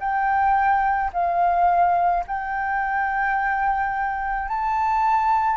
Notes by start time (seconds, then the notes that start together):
0.00 G5
1.13 F5
2.27 G5
4.48 A5